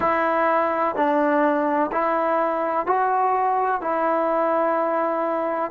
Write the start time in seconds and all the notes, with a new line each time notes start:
0.00 E4
0.95 D4
1.92 E4
2.86 F#4
3.81 E4